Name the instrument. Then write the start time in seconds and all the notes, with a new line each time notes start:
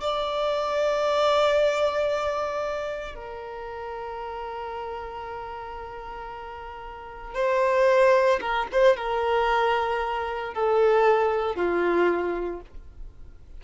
violin
0.00 D5
3.15 A#4
7.34 C5
8.41 A#4
8.72 C5
8.96 A#4
10.54 A4
11.56 F4